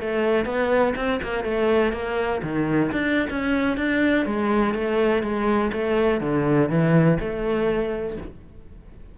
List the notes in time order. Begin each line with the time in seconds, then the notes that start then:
0.00 A3
0.45 B3
0.96 C4
1.22 A#3
1.44 A3
1.92 A#3
2.43 D#3
2.92 D4
3.29 C#4
3.77 D4
4.26 G#3
4.74 A3
5.23 G#3
5.72 A3
6.20 D3
6.69 E3
7.20 A3